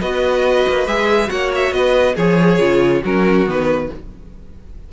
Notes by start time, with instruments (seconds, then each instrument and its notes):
0.00 cello B3, viola F#4, violin B4 D#5
0.68 cello A#3
0.86 cello G#3, viola G#4, violin E5
1.27 cello A#3, viola F#4, violin C#5 F#5
1.55 violin E5
1.72 cello B3, violin B4 D#5
2.15 cello F3, violin G#4 C#5, viola G#4
2.59 cello C#3, viola F4
3.02 cello F#3, viola C#4, violin F#4 A#4
3.46 cello D#3, viola B3, violin B4